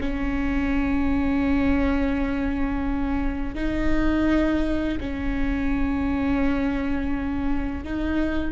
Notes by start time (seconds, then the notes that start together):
0.00 C#4
3.55 D#4
5.00 C#4
7.84 D#4